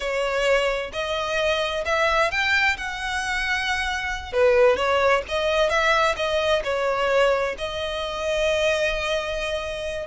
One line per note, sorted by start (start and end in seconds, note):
0.00 0.91 C#5
0.92 1.84 D#5
1.85 2.31 E5
2.31 2.76 G5
2.77 4.32 F#5
4.32 4.76 B4
4.76 5.22 C#5
5.28 5.69 D#5
5.69 6.15 E5
6.16 6.62 D#5
6.63 7.55 C#5
7.58 10.06 D#5